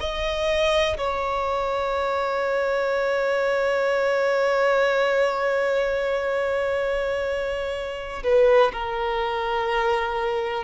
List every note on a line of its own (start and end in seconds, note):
0.00 0.97 D#5
0.97 8.23 C#5
8.23 8.71 B4
8.72 10.63 A#4